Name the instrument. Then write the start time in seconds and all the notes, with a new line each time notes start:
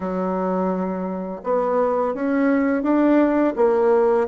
bassoon
0.00 F#3
1.43 B3
2.14 C#4
2.82 D4
3.56 A#3